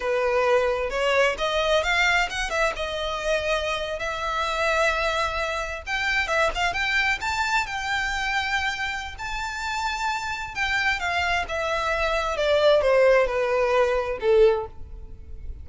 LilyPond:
\new Staff \with { instrumentName = "violin" } { \time 4/4 \tempo 4 = 131 b'2 cis''4 dis''4 | f''4 fis''8 e''8 dis''2~ | dis''8. e''2.~ e''16~ | e''8. g''4 e''8 f''8 g''4 a''16~ |
a''8. g''2.~ g''16 | a''2. g''4 | f''4 e''2 d''4 | c''4 b'2 a'4 | }